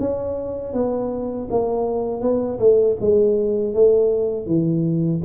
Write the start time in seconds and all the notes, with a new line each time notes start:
0.00 C#4
0.74 B3
1.51 A#3
2.22 B3
2.59 A3
3.01 G#3
3.74 A3
4.47 E3